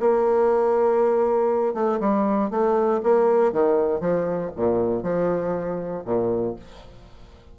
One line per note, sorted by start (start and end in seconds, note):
0.00 1.74 A#3
1.74 1.99 A3
2.00 2.50 G3
2.50 3.01 A3
3.03 3.52 A#3
3.52 4.00 D#3
4.00 4.51 F3
4.56 5.03 A#2
5.03 6.04 F3
6.05 6.55 A#2